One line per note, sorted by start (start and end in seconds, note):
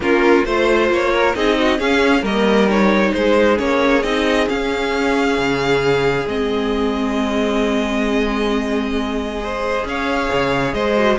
0.00 0.42 A#3
0.00 0.45 C#4
0.00 0.46 F4
0.00 0.44 A#4
0.44 0.89 A3
0.44 1.35 F4
0.44 0.89 C5
0.44 1.13 C5
0.89 1.34 A#3
0.89 1.35 C#5
1.13 1.36 A#4
1.35 1.78 C4
1.35 1.78 D#4
1.35 1.58 G#4
1.35 1.79 D#5
1.58 1.78 F#4
1.78 2.23 C#4
1.78 2.22 C#4
1.78 2.21 G#4
1.78 2.24 F5
2.21 3.11 G3
2.21 2.68 A#3
2.21 3.11 A#4
2.21 2.69 D#5
2.68 3.56 D#4
2.68 3.13 C#5
3.13 3.59 G#3
3.13 9.42 G#4
3.13 3.58 C5
3.56 4.03 A#3
3.56 4.01 C#4
3.56 4.02 C#5
4.02 4.48 C4
4.02 4.48 D#4
4.02 4.47 D#5
4.48 6.27 C#4
4.48 5.37 C#4
4.48 6.28 F5
5.37 6.26 C#3
6.26 9.84 G#3
6.26 9.40 C4
6.26 9.86 D#5
9.40 10.97 G#4
9.40 9.87 C5
9.84 10.29 C#4
9.84 10.75 C#5
9.84 10.73 F5
10.32 10.73 C#3
10.73 11.18 G#3
10.73 11.18 C5
10.73 11.18 D#5
10.97 11.18 F#4